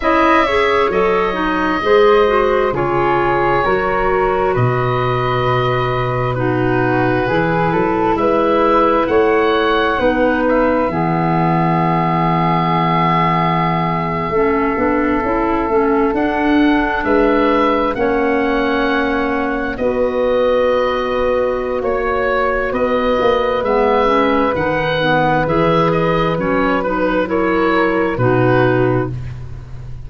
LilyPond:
<<
  \new Staff \with { instrumentName = "oboe" } { \time 4/4 \tempo 4 = 66 e''4 dis''2 cis''4~ | cis''4 dis''2 b'4~ | b'4 e''4 fis''4. e''8~ | e''1~ |
e''4.~ e''16 fis''4 e''4 fis''16~ | fis''4.~ fis''16 dis''2~ dis''16 | cis''4 dis''4 e''4 fis''4 | e''8 dis''8 cis''8 b'8 cis''4 b'4 | }
  \new Staff \with { instrumentName = "flute" } { \time 4/4 dis''8 cis''4. c''4 gis'4 | ais'4 b'2 fis'4 | gis'8 a'8 b'4 cis''4 b'4 | gis'2.~ gis'8. a'16~ |
a'2~ a'8. b'4 cis''16~ | cis''4.~ cis''16 b'2~ b'16 | cis''4 b'2.~ | b'2 ais'4 fis'4 | }
  \new Staff \with { instrumentName = "clarinet" } { \time 4/4 e'8 gis'8 a'8 dis'8 gis'8 fis'8 f'4 | fis'2. dis'4 | e'2. dis'4 | b2.~ b8. cis'16~ |
cis'16 d'8 e'8 cis'8 d'2 cis'16~ | cis'4.~ cis'16 fis'2~ fis'16~ | fis'2 b8 cis'8 dis'8 b8 | gis'4 cis'8 dis'8 e'4 dis'4 | }
  \new Staff \with { instrumentName = "tuba" } { \time 4/4 cis'4 fis4 gis4 cis4 | fis4 b,2. | e8 fis8 gis4 a4 b4 | e2.~ e8. a16~ |
a16 b8 cis'8 a8 d'4 gis4 ais16~ | ais4.~ ais16 b2~ b16 | ais4 b8 ais8 gis4 dis4 | e4 fis2 b,4 | }
>>